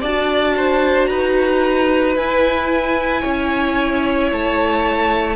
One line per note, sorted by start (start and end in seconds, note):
0.00 1.09 D4
0.00 2.18 F#4
0.00 0.54 D5
0.00 1.06 A5
0.56 1.09 C5
1.06 2.16 D#4
1.06 3.21 B4
1.06 2.13 A#5
2.16 3.23 E4
2.16 5.36 E4
2.16 4.30 G#5
3.21 4.31 C#4
3.21 5.35 C#5
4.31 5.36 A3
4.31 5.36 A5